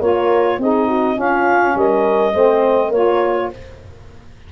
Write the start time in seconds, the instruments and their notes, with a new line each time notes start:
0.00 tuba A#3, saxophone F4, horn A#4, clarinet C#5
0.58 tuba C4, saxophone D#4, horn G#4, clarinet D#5
0.88 horn F#4
1.15 saxophone C#4, tuba C#4, horn F4, clarinet F5
1.75 tuba G3, horn A#4, clarinet D#5
2.34 tuba A3, saxophone C4, horn C5
2.89 tuba A#3, saxophone F4, horn A#4, clarinet C#5